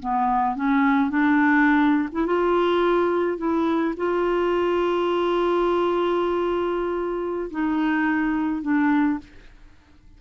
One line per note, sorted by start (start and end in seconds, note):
0.00 0.56 B3
0.56 1.10 C#4
1.10 2.09 D4
2.13 2.27 E4
2.27 3.38 F4
3.38 3.95 E4
3.97 7.51 F4
7.51 8.62 D#4
8.62 9.19 D4